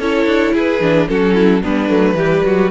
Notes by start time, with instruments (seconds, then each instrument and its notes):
0.00 cello C#4, viola E4, violin A4 C#5
0.26 cello D4
0.54 cello E4, violin G#4 B4
0.81 cello E3, viola D4
1.08 cello F#3, viola C#4, violin F#4 A4
1.35 violin E4
1.62 cello G3, viola B3, violin D4 B4
1.89 cello F#3, viola A3
2.15 cello E3, viola G3, violin G4
2.45 cello F#3, violin F#4